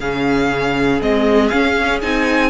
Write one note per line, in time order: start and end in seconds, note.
0.00 1.01 C#3
0.00 1.01 C#4
0.00 2.50 G#4
0.00 1.01 F5
1.01 1.51 G#3
1.01 1.52 C4
1.01 1.48 D#5
1.48 2.02 C#4
1.48 2.03 C#4
1.48 1.99 F5
2.02 2.50 C4
2.02 2.50 D#4
2.02 2.50 G#5